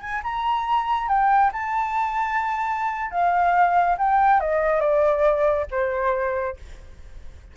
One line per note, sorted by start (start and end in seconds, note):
0.00 0.21 G#5
0.23 1.08 A#5
1.08 1.51 G5
1.53 3.11 A5
3.11 3.96 F5
3.97 4.40 G5
4.40 4.80 D#5
4.80 5.66 D5
5.71 6.56 C5